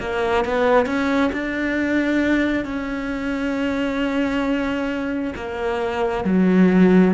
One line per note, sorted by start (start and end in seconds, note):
0.00 0.45 A#3
0.45 0.86 B3
0.86 1.31 C#4
1.32 2.65 D4
2.65 5.33 C#4
5.35 6.24 A#3
6.24 7.14 F#3